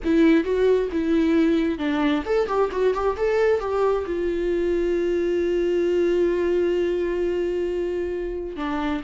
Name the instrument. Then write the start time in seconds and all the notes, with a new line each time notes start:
viola
0.04 E4
0.43 F#4
0.92 E4
1.78 D4
2.25 A4
2.47 G4
2.71 F#4
2.93 G4
3.16 A4
3.60 G4
4.06 F4
8.56 D4